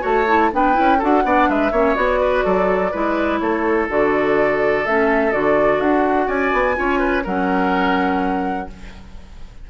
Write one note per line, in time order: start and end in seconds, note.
0.00 0.52 A3
0.00 0.24 F#4
0.00 0.49 C#5
0.00 0.53 A5
0.27 0.51 E4
0.52 0.77 B3
0.52 0.74 D4
0.52 0.98 B4
0.52 1.02 G5
0.74 1.03 C#4
0.74 0.98 E4
0.98 1.24 D4
0.98 1.23 F#4
0.98 1.22 A4
0.98 1.50 F#5
1.23 1.48 B3
1.23 1.71 D4
1.23 1.49 D5
1.49 1.71 G#3
1.49 1.72 B4
1.49 1.95 E5
1.71 1.95 A#3
1.71 1.95 C#4
1.71 2.20 C#5
1.95 2.44 B3
1.95 2.91 F#4
1.95 3.39 D5
2.21 2.44 B4
2.44 2.93 F#3
2.44 2.91 A4
2.91 3.41 G#3
2.91 3.89 E4
2.91 3.39 B4
3.39 3.89 A3
3.39 6.27 A4
3.39 3.87 C#5
3.89 4.85 D3
3.89 4.85 F#4
3.89 4.85 D5
4.85 5.33 A3
4.85 5.32 C#4
4.85 5.32 E5
5.32 5.79 D3
5.32 6.75 F#4
5.32 5.80 D5
5.79 6.27 D4
5.79 6.28 F#5
6.27 6.51 C#4
6.27 6.75 D5
6.27 7.25 G#5
6.53 6.77 B3
6.75 7.26 C#4
6.75 7.23 F4
6.75 6.99 C#5
6.99 7.23 B4
7.23 8.70 F#3
7.23 8.67 C#4
7.23 8.68 A#4
7.23 8.69 F#5